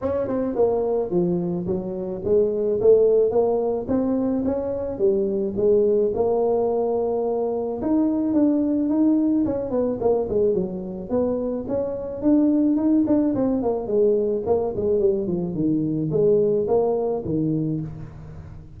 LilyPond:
\new Staff \with { instrumentName = "tuba" } { \time 4/4 \tempo 4 = 108 cis'8 c'8 ais4 f4 fis4 | gis4 a4 ais4 c'4 | cis'4 g4 gis4 ais4~ | ais2 dis'4 d'4 |
dis'4 cis'8 b8 ais8 gis8 fis4 | b4 cis'4 d'4 dis'8 d'8 | c'8 ais8 gis4 ais8 gis8 g8 f8 | dis4 gis4 ais4 dis4 | }